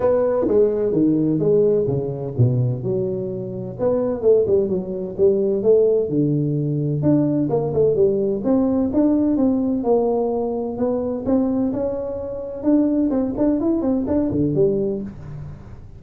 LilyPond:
\new Staff \with { instrumentName = "tuba" } { \time 4/4 \tempo 4 = 128 b4 gis4 dis4 gis4 | cis4 b,4 fis2 | b4 a8 g8 fis4 g4 | a4 d2 d'4 |
ais8 a8 g4 c'4 d'4 | c'4 ais2 b4 | c'4 cis'2 d'4 | c'8 d'8 e'8 c'8 d'8 d8 g4 | }